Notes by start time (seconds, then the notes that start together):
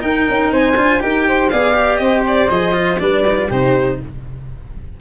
0.00 D#4 A#4 G5
0.29 C#4
0.53 C4 C5 G#5
0.77 D4 F4
1.00 D#4 G4 A#4 G5
1.28 C5
1.50 B3 G#4 D5 F5
1.74 G4
1.97 C4 C5 D#5
2.28 D5
2.50 F3 G#4 D#5
2.73 F4
2.99 G3 D4 B4 D5
3.29 D#4
3.38 F4
3.48 C3 D#4 G4 C5